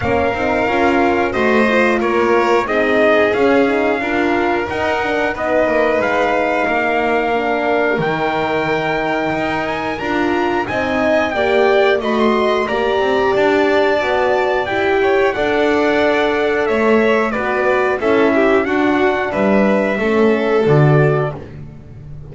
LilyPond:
<<
  \new Staff \with { instrumentName = "trumpet" } { \time 4/4 \tempo 4 = 90 f''2 dis''4 cis''4 | dis''4 f''2 fis''4 | dis''4 f''2. | g''2~ g''8 gis''8 ais''4 |
gis''4 g''4 b''16 c'''8. ais''4 | a''2 g''4 fis''4~ | fis''4 e''4 d''4 e''4 | fis''4 e''2 d''4 | }
  \new Staff \with { instrumentName = "violin" } { \time 4/4 ais'2 c''4 ais'4 | gis'2 ais'2 | b'2 ais'2~ | ais'1 |
dis''4 d''4 dis''4 d''4~ | d''2~ d''8 cis''8 d''4~ | d''4 cis''4 b'4 a'8 g'8 | fis'4 b'4 a'2 | }
  \new Staff \with { instrumentName = "horn" } { \time 4/4 cis'8 dis'8 f'4 fis'8 f'4. | dis'4 cis'8 dis'8 f'4 dis'8 d'8 | dis'2. d'4 | dis'2. f'4 |
dis'4 g'4 fis'4 g'4~ | g'4 fis'4 g'4 a'4~ | a'2 fis'4 e'4 | d'2 cis'4 fis'4 | }
  \new Staff \with { instrumentName = "double bass" } { \time 4/4 ais8 c'8 cis'4 a4 ais4 | c'4 cis'4 d'4 dis'4 | b8 ais8 gis4 ais2 | dis2 dis'4 d'4 |
c'4 ais4 a4 ais8 c'8 | d'4 b4 e'4 d'4~ | d'4 a4 b4 cis'4 | d'4 g4 a4 d4 | }
>>